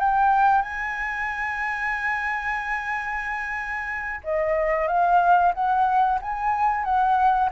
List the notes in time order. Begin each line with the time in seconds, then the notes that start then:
0.00 G5
0.63 G#5
4.24 D#5
4.88 F5
5.55 F#5
6.22 G#5
6.85 F#5